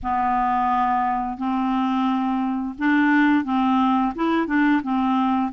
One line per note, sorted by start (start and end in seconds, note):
0.03 1.37 B3
1.37 2.75 C4
2.78 3.44 D4
3.44 4.13 C4
4.15 4.46 E4
4.46 4.81 D4
4.82 5.51 C4